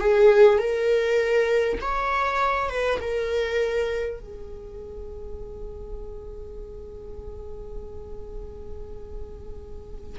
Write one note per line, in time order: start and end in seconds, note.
0.00 0.58 G#4
0.58 1.78 A#4
1.81 2.70 C#5
2.70 3.00 B4
3.01 4.20 A#4
4.20 10.19 G#4